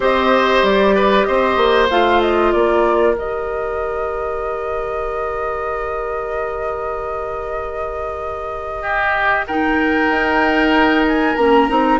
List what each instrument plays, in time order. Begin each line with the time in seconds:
0.00 bassoon C4, clarinet G4, oboe C5, flute D#5
0.62 bassoon G3, flute D5
0.95 oboe B4
1.24 bassoon C4, oboe C5, flute D#5
1.56 bassoon A#3
1.89 bassoon A3, clarinet F4, flute F5
2.21 flute D#5
2.51 bassoon A#3, oboe A#4, flute D5
3.14 bassoon D#3, clarinet G4, flute D#5
8.82 oboe G4
9.47 clarinet D#4, oboe A#4, flute G5
10.09 bassoon D#4
11.07 flute G#5
11.36 bassoon A#3, clarinet C#4, flute A#5
11.68 bassoon C4, clarinet D#4